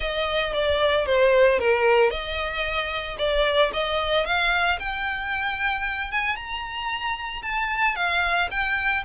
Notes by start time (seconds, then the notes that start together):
0.00 D#5
0.53 D5
1.06 C5
1.59 A#4
2.10 D#5
3.18 D5
3.73 D#5
4.25 F5
4.79 G5
6.11 G#5
6.35 A#5
7.42 A5
7.95 F5
8.50 G5